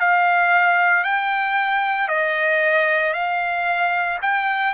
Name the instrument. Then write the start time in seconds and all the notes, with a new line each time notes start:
trumpet
0.00 F5
1.04 G5
2.09 D#5
3.13 F5
4.22 G5